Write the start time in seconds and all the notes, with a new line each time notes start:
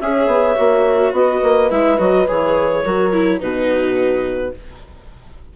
0.00 C#4 G#4 C#5 E5
0.27 B3
0.56 A#3 F#4
1.12 B3 B4 D#5
1.43 A#3
1.70 G#3 E4 E5
1.98 F#3 F#4 D#5
2.28 E3 G#4 C#5
2.83 F#3 F#4 A#4
3.12 E4
3.40 B2 D#4 F#4 B4